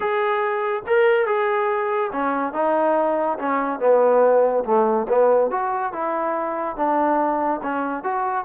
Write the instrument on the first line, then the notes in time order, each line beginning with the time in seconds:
trombone
0.00 G#4
0.86 A#4
1.26 G#4
2.12 C#4
2.53 D#4
3.38 C#4
3.79 B3
4.64 A3
5.09 B3
5.50 F#4
5.92 E4
6.76 D4
7.62 C#4
8.03 F#4